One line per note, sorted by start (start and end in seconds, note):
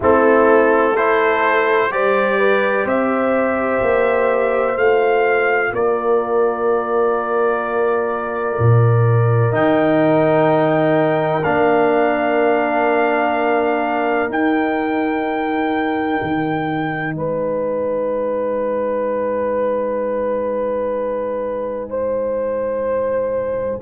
0.00 1.89 A3
0.00 0.96 C4
0.00 0.92 E4
0.00 0.96 A4
0.92 1.91 E4
0.92 1.87 A4
0.92 1.91 C5
1.89 2.84 G3
1.89 4.75 G4
1.89 2.38 C5
1.89 2.86 D5
2.38 2.84 B4
2.84 3.80 C4
2.84 5.70 C5
2.84 4.77 E5
3.81 4.76 A#3
4.75 5.71 A3
4.75 9.51 F4
4.75 5.72 F5
5.71 8.57 A#3
5.71 17.16 A#4
5.71 9.55 D5
8.58 9.53 A#2
9.51 11.43 D#3
9.51 11.42 D#4
9.51 11.43 G5
11.43 14.29 A#3
11.43 14.29 D4
11.43 14.29 F5
14.29 16.19 D#4
14.29 23.81 D#4
14.29 17.14 G5
16.21 17.14 D#3
17.14 23.81 G#3
17.14 21.89 B4
17.14 23.81 G#5
21.89 23.80 C5